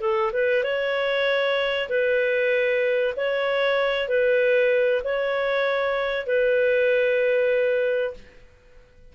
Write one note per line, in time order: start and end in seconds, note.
0.00 0.31 A4
0.33 0.63 B4
0.63 1.88 C#5
1.89 3.14 B4
3.16 4.08 C#5
4.08 5.02 B4
5.04 6.26 C#5
6.26 8.14 B4